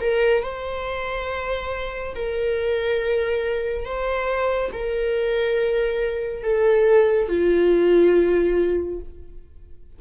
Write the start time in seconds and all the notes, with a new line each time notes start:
0.00 A#4
0.42 C5
2.14 A#4
3.85 C5
4.73 A#4
6.43 A4
7.28 F4